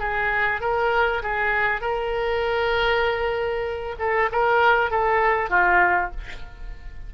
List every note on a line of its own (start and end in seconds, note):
0.00 0.61 G#4
0.61 1.22 A#4
1.23 1.81 G#4
1.81 3.96 A#4
3.99 4.30 A4
4.32 4.91 A#4
4.91 5.50 A4
5.50 6.11 F4